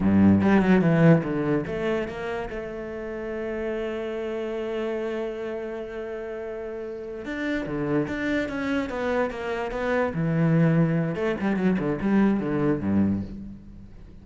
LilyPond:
\new Staff \with { instrumentName = "cello" } { \time 4/4 \tempo 4 = 145 g,4 g8 fis8 e4 d4 | a4 ais4 a2~ | a1~ | a1~ |
a4. d'4 d4 d'8~ | d'8 cis'4 b4 ais4 b8~ | b8 e2~ e8 a8 g8 | fis8 d8 g4 d4 g,4 | }